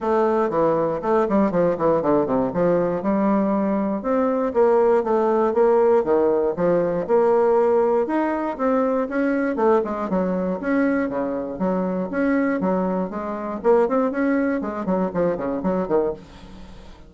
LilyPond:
\new Staff \with { instrumentName = "bassoon" } { \time 4/4 \tempo 4 = 119 a4 e4 a8 g8 f8 e8 | d8 c8 f4 g2 | c'4 ais4 a4 ais4 | dis4 f4 ais2 |
dis'4 c'4 cis'4 a8 gis8 | fis4 cis'4 cis4 fis4 | cis'4 fis4 gis4 ais8 c'8 | cis'4 gis8 fis8 f8 cis8 fis8 dis8 | }